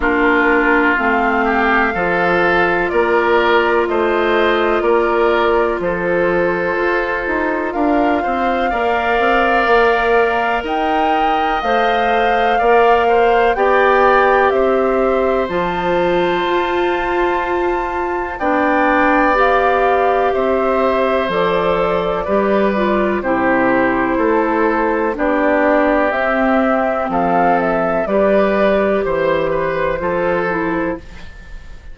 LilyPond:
<<
  \new Staff \with { instrumentName = "flute" } { \time 4/4 \tempo 4 = 62 ais'4 f''2 d''4 | dis''4 d''4 c''2 | f''2. g''4 | f''2 g''4 e''4 |
a''2. g''4 | f''4 e''4 d''2 | c''2 d''4 e''4 | f''8 e''8 d''4 c''2 | }
  \new Staff \with { instrumentName = "oboe" } { \time 4/4 f'4. g'8 a'4 ais'4 | c''4 ais'4 a'2 | ais'8 c''8 d''2 dis''4~ | dis''4 d''8 c''8 d''4 c''4~ |
c''2. d''4~ | d''4 c''2 b'4 | g'4 a'4 g'2 | a'4 b'4 c''8 b'8 a'4 | }
  \new Staff \with { instrumentName = "clarinet" } { \time 4/4 d'4 c'4 f'2~ | f'1~ | f'4 ais'2. | c''4 ais'4 g'2 |
f'2. d'4 | g'2 a'4 g'8 f'8 | e'2 d'4 c'4~ | c'4 g'2 f'8 e'8 | }
  \new Staff \with { instrumentName = "bassoon" } { \time 4/4 ais4 a4 f4 ais4 | a4 ais4 f4 f'8 dis'8 | d'8 c'8 ais8 c'8 ais4 dis'4 | a4 ais4 b4 c'4 |
f4 f'2 b4~ | b4 c'4 f4 g4 | c4 a4 b4 c'4 | f4 g4 e4 f4 | }
>>